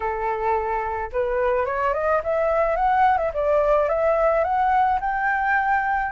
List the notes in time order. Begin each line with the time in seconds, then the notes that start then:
0.00 A4
1.12 B4
1.65 C#5
1.93 D#5
2.23 E5
2.76 F#5
3.17 E5
3.33 D5
3.89 E5
4.43 F#5
5.00 G5